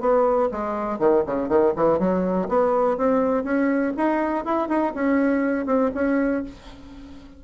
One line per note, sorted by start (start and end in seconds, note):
0.00 0.49 B3
0.51 0.99 G#3
0.99 1.23 D#3
1.26 1.48 C#3
1.48 1.73 D#3
1.76 1.99 E3
1.99 2.48 F#3
2.48 2.97 B3
2.97 3.44 C4
3.44 3.93 C#4
3.97 4.45 D#4
4.45 4.68 E4
4.68 4.93 D#4
4.94 5.66 C#4
5.66 5.90 C4
5.94 6.43 C#4